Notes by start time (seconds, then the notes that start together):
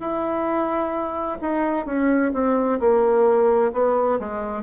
0.00 E4
1.42 D#4
1.86 C#4
2.34 C4
2.80 A#3
3.73 B3
4.20 G#3